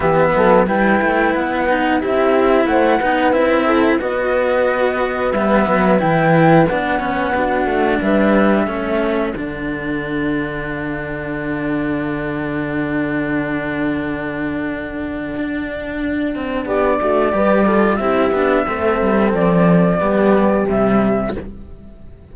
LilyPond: <<
  \new Staff \with { instrumentName = "flute" } { \time 4/4 \tempo 4 = 90 e''4 g''4 fis''4 e''4 | fis''4 e''4 dis''2 | e''4 g''4 fis''2 | e''2 fis''2~ |
fis''1~ | fis''1~ | fis''4 d''2 e''4~ | e''4 d''2 e''4 | }
  \new Staff \with { instrumentName = "horn" } { \time 4/4 g'8 a'8 b'2 g'4 | c''8 b'4 a'8 b'2~ | b'2. fis'4 | b'4 a'2.~ |
a'1~ | a'1~ | a'4 g'8 fis'8 b'8 a'8 g'4 | a'2 g'2 | }
  \new Staff \with { instrumentName = "cello" } { \time 4/4 b4 e'4. dis'8 e'4~ | e'8 dis'8 e'4 fis'2 | b4 e'4 d'8 cis'8 d'4~ | d'4 cis'4 d'2~ |
d'1~ | d'1~ | d'2 g'8 f'8 e'8 d'8 | c'2 b4 g4 | }
  \new Staff \with { instrumentName = "cello" } { \time 4/4 e8 fis8 g8 a8 b4 c'4 | a8 b8 c'4 b2 | g8 fis8 e4 b4. a8 | g4 a4 d2~ |
d1~ | d2. d'4~ | d'8 c'8 b8 a8 g4 c'8 b8 | a8 g8 f4 g4 c4 | }
>>